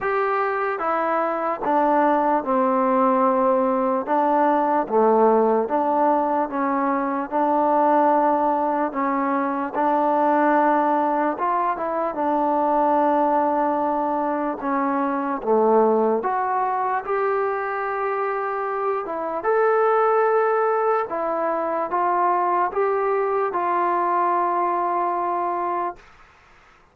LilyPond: \new Staff \with { instrumentName = "trombone" } { \time 4/4 \tempo 4 = 74 g'4 e'4 d'4 c'4~ | c'4 d'4 a4 d'4 | cis'4 d'2 cis'4 | d'2 f'8 e'8 d'4~ |
d'2 cis'4 a4 | fis'4 g'2~ g'8 e'8 | a'2 e'4 f'4 | g'4 f'2. | }